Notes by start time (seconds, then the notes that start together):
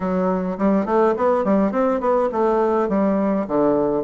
0.00 F#3
0.58 G3
0.85 A3
1.17 B3
1.44 G3
1.72 C4
2.00 B3
2.32 A3
2.88 G3
3.47 D3